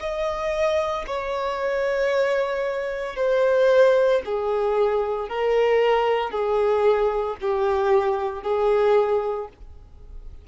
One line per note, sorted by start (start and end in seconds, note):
0.00 1.05 D#5
1.07 3.16 C#5
3.16 4.22 C5
4.25 5.29 G#4
5.29 6.31 A#4
6.31 7.36 G#4
7.41 8.43 G4
8.43 9.48 G#4